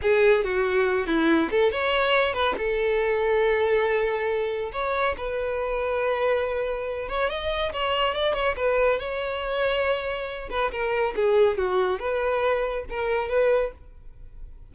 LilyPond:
\new Staff \with { instrumentName = "violin" } { \time 4/4 \tempo 4 = 140 gis'4 fis'4. e'4 a'8 | cis''4. b'8 a'2~ | a'2. cis''4 | b'1~ |
b'8 cis''8 dis''4 cis''4 d''8 cis''8 | b'4 cis''2.~ | cis''8 b'8 ais'4 gis'4 fis'4 | b'2 ais'4 b'4 | }